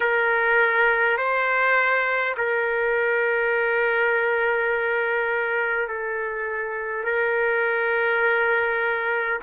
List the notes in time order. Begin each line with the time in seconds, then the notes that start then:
0.00 A#4
1.17 C5
2.37 A#4
5.88 A4
7.04 A#4